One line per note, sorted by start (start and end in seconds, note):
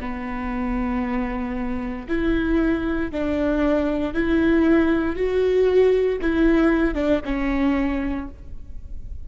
0.00 2.07 B3
2.08 3.11 E4
3.11 4.14 D4
4.14 5.16 E4
5.16 6.19 F#4
6.21 6.95 E4
6.95 7.20 D4
7.25 8.28 C#4